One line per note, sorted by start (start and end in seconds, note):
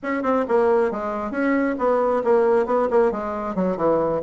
0.03 0.22 C#4
0.22 0.45 C4
0.47 0.91 A#3
0.91 1.31 G#3
1.31 1.75 C#4
1.78 2.22 B3
2.24 2.66 A#3
2.66 2.88 B3
2.90 3.11 A#3
3.11 3.55 G#3
3.55 3.77 F#3
3.77 4.21 E3